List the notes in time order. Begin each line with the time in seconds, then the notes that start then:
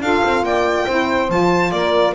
0.00 D4 F4 A4 F5
0.23 C4
0.42 A#3 D5 G5
0.85 C4 E4 C5
1.28 F3 F4 A5
1.71 A#3 A#4 D5